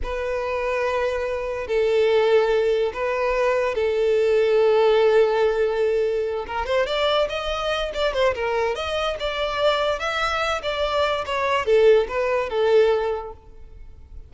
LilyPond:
\new Staff \with { instrumentName = "violin" } { \time 4/4 \tempo 4 = 144 b'1 | a'2. b'4~ | b'4 a'2.~ | a'2.~ a'8 ais'8 |
c''8 d''4 dis''4. d''8 c''8 | ais'4 dis''4 d''2 | e''4. d''4. cis''4 | a'4 b'4 a'2 | }